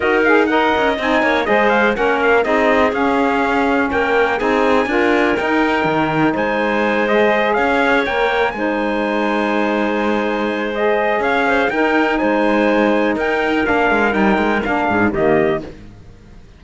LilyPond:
<<
  \new Staff \with { instrumentName = "trumpet" } { \time 4/4 \tempo 4 = 123 dis''8 f''8 fis''4 gis''4 dis''8 f''8 | fis''8 f''8 dis''4 f''2 | g''4 gis''2 g''4~ | g''4 gis''4. dis''4 f''8~ |
f''8 g''4 gis''2~ gis''8~ | gis''2 dis''4 f''4 | g''4 gis''2 g''4 | f''4 g''4 f''4 dis''4 | }
  \new Staff \with { instrumentName = "clarinet" } { \time 4/4 ais'4 dis''4. cis''8 c''4 | ais'4 gis'2. | ais'4 gis'4 ais'2~ | ais'4 c''2~ c''8 cis''8~ |
cis''4. c''2~ c''8~ | c''2. cis''8 c''8 | ais'4 c''2 ais'4~ | ais'2~ ais'8 gis'8 g'4 | }
  \new Staff \with { instrumentName = "saxophone" } { \time 4/4 fis'8 gis'8 ais'4 dis'4 gis'4 | cis'4 dis'4 cis'2~ | cis'4 dis'4 f'4 dis'4~ | dis'2~ dis'8 gis'4.~ |
gis'8 ais'4 dis'2~ dis'8~ | dis'2 gis'2 | dis'1 | d'4 dis'4 d'4 ais4 | }
  \new Staff \with { instrumentName = "cello" } { \time 4/4 dis'4. cis'8 c'8 ais8 gis4 | ais4 c'4 cis'2 | ais4 c'4 d'4 dis'4 | dis4 gis2~ gis8 cis'8~ |
cis'8 ais4 gis2~ gis8~ | gis2. cis'4 | dis'4 gis2 dis'4 | ais8 gis8 g8 gis8 ais8 gis,8 dis4 | }
>>